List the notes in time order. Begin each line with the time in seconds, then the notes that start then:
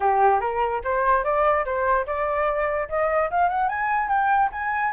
0.00 G4
0.40 A#4
0.83 C5
1.23 D5
1.65 C5
2.06 D5
2.89 D#5
3.30 F5
3.48 F#5
3.68 G#5
4.08 G5
4.52 G#5